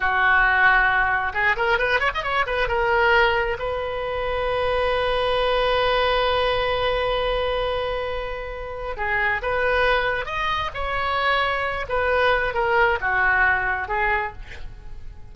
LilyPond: \new Staff \with { instrumentName = "oboe" } { \time 4/4 \tempo 4 = 134 fis'2. gis'8 ais'8 | b'8 cis''16 dis''16 cis''8 b'8 ais'2 | b'1~ | b'1~ |
b'1 | gis'4 b'2 dis''4 | cis''2~ cis''8 b'4. | ais'4 fis'2 gis'4 | }